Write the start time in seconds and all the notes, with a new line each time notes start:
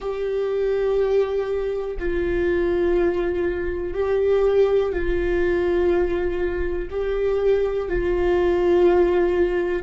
0.00 G4
1.99 F4
3.93 G4
4.92 F4
6.90 G4
7.89 F4